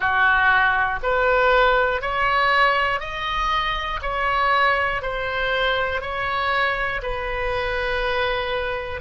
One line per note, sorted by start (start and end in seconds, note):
0.00 0.99 F#4
1.02 2.01 B4
2.01 3.00 C#5
3.00 4.00 D#5
4.02 5.01 C#5
5.01 6.01 C5
6.01 7.01 C#5
7.02 9.00 B4